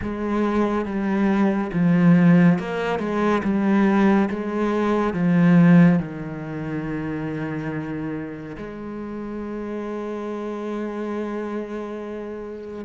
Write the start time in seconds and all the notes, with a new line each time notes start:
0.02 G#3
0.85 G3
1.73 F3
2.58 A#3
2.99 G#3
3.43 G3
4.29 G#3
5.13 F3
5.99 D#3
8.57 G#3